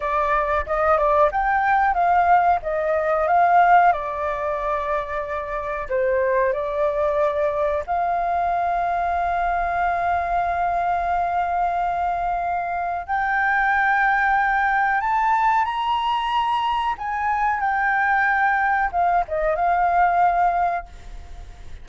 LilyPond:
\new Staff \with { instrumentName = "flute" } { \time 4/4 \tempo 4 = 92 d''4 dis''8 d''8 g''4 f''4 | dis''4 f''4 d''2~ | d''4 c''4 d''2 | f''1~ |
f''1 | g''2. a''4 | ais''2 gis''4 g''4~ | g''4 f''8 dis''8 f''2 | }